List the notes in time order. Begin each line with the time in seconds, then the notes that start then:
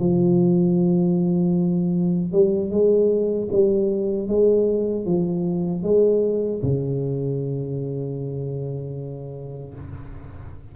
0.00 F3
2.32 G3
2.71 G#3
3.52 G3
4.28 G#3
5.06 F3
5.83 G#3
6.63 C#3